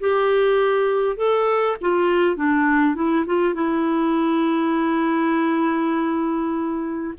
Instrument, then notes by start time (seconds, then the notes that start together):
clarinet
0.00 G4
1.17 A4
1.81 F4
2.36 D4
2.95 E4
3.26 F4
3.54 E4